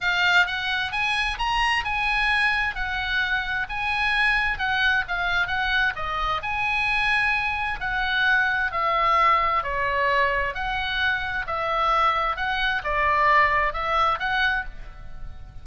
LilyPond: \new Staff \with { instrumentName = "oboe" } { \time 4/4 \tempo 4 = 131 f''4 fis''4 gis''4 ais''4 | gis''2 fis''2 | gis''2 fis''4 f''4 | fis''4 dis''4 gis''2~ |
gis''4 fis''2 e''4~ | e''4 cis''2 fis''4~ | fis''4 e''2 fis''4 | d''2 e''4 fis''4 | }